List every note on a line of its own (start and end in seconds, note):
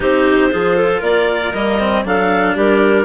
0.00 0.53 C4
0.00 0.51 D#4
0.00 0.51 G4
0.00 1.02 C5
0.51 1.01 F3
0.51 1.54 F4
0.51 0.76 G#4
0.76 1.00 A4
1.00 1.52 A#3
1.00 2.02 A#4
1.00 1.53 D5
1.53 2.04 G3
1.53 1.79 A#3
1.53 2.04 D#5
1.79 2.04 C4
2.04 2.56 F#3
2.04 3.05 D4
2.04 2.54 A4
2.04 2.58 F5
2.54 3.05 G3
2.54 3.05 G4
2.54 3.05 A#4